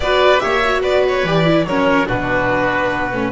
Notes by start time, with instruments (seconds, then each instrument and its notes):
0.00 double bass B3, viola F#4, oboe B4, violin D5
0.39 double bass A#3, viola G4, oboe C#5, violin E5
0.65 viola F#4
0.81 double bass B3, oboe B4, violin D5
1.08 violin C#5
1.23 double bass E3, viola G4, violin D5
1.45 viola E4
1.64 double bass F#3, viola C#4, oboe A#4, violin C#5
2.06 double bass B2, viola D4, oboe F#4, violin B4
2.92 double bass B3
3.12 double bass A3, viola C#4